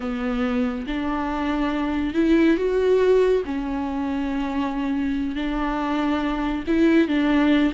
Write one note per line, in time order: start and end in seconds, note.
0.00 0.86 B3
0.86 2.14 D4
2.14 2.57 E4
2.57 3.42 F#4
3.45 5.35 C#4
5.35 6.64 D4
6.67 7.08 E4
7.08 7.72 D4